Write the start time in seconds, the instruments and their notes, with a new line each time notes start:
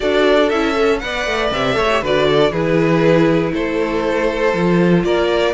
0.00 cello D4, viola F#4, violin A4 D5
0.49 cello C#4, viola E4, violin E5
0.75 viola A4
0.98 cello B3, viola B4, violin D5 F#5
1.26 cello A3
1.51 cello C3, violin E5
1.73 cello A3, viola A4, violin C#5
1.91 viola G4
2.01 cello D3, viola F#4, violin B4 D5
2.28 violin A4
2.51 cello E3, viola E4, violin G#4 B4
3.52 cello A3, violin A4 C5
4.53 cello F3, viola F4
5.04 cello A#3, violin A#4 D5